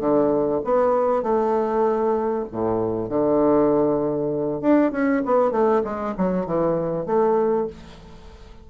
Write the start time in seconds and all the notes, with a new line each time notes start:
0.00 D3
0.65 B3
1.23 A3
2.52 A2
3.09 D3
4.61 D4
4.92 C#4
5.25 B3
5.51 A3
5.84 G#3
6.18 F#3
6.46 E3
7.06 A3